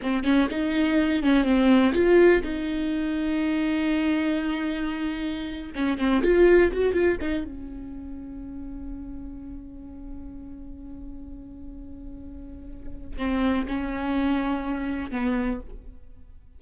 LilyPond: \new Staff \with { instrumentName = "viola" } { \time 4/4 \tempo 4 = 123 c'8 cis'8 dis'4. cis'8 c'4 | f'4 dis'2.~ | dis'2.~ dis'8. cis'16~ | cis'16 c'8 f'4 fis'8 f'8 dis'8 cis'8.~ |
cis'1~ | cis'1~ | cis'2. c'4 | cis'2. b4 | }